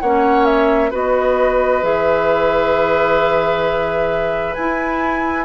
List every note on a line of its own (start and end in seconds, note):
0.00 0.92 A#3
0.00 0.91 C#4
0.00 0.90 C#5
0.00 0.45 F#5
0.45 0.91 E5
0.90 1.82 B3
0.90 1.82 F#4
0.90 5.45 B4
0.90 1.84 D#5
1.82 4.55 E3
1.82 4.55 G#4
1.82 4.54 E5
4.54 5.45 E4
4.54 5.45 G#5